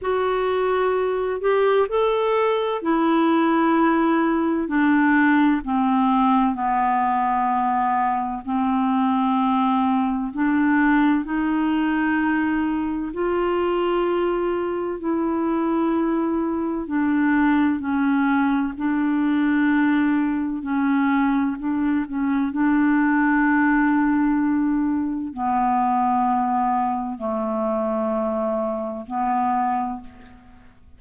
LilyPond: \new Staff \with { instrumentName = "clarinet" } { \time 4/4 \tempo 4 = 64 fis'4. g'8 a'4 e'4~ | e'4 d'4 c'4 b4~ | b4 c'2 d'4 | dis'2 f'2 |
e'2 d'4 cis'4 | d'2 cis'4 d'8 cis'8 | d'2. b4~ | b4 a2 b4 | }